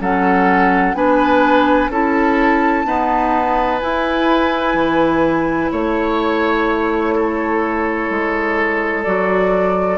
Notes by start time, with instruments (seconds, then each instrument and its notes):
0.00 bassoon F#3, clarinet C#4, oboe A4, flute F#5
0.94 bassoon B3, clarinet D4, oboe B4, flute G#5
1.89 bassoon C#4, clarinet E4, oboe A4, flute A5
2.85 clarinet B3, bassoon D#4, oboe B4
3.80 clarinet E4, bassoon E4, flute G#5
4.74 bassoon E3
5.72 bassoon A3, oboe C#5, flute C#5
7.15 oboe A4
8.10 bassoon G#3
9.03 bassoon F#3, clarinet F#4, flute D5